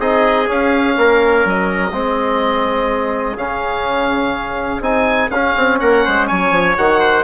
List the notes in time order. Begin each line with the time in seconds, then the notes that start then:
0.00 C4 D#4 G#4 D#5
0.46 C#4 F5
0.97 A#3 A#4
1.45 F#3 D#5
1.92 G#3 C4 G#4
3.37 C#3 C#4 F5
4.80 C4 D#4 G#5
5.31 C#4 F5
5.57 C4
5.79 A#3 A#4 F#5
6.05 G#3 C5
6.27 F#3 C#5 G#5
6.51 F3
6.77 D#3 F#4 F#5
7.00 C5